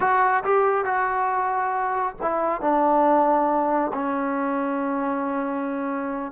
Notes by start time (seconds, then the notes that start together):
0.00 F#4
0.44 G4
0.85 F#4
2.21 E4
2.61 D4
3.93 C#4